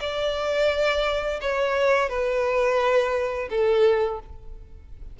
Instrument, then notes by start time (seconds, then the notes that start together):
violin
0.00 D5
1.41 C#5
2.09 B4
3.49 A4